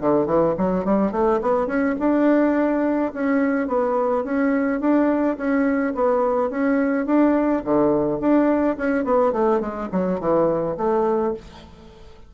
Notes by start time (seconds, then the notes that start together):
0.00 D3
0.26 E3
0.58 F#3
0.84 G3
1.12 A3
1.41 B3
1.67 C#4
1.99 D4
3.13 C#4
3.67 B3
4.24 C#4
4.80 D4
5.37 C#4
5.95 B3
6.50 C#4
7.06 D4
7.64 D3
8.20 D4
8.77 C#4
9.04 B3
9.32 A3
9.60 G#3
9.92 F#3
10.20 E3
10.77 A3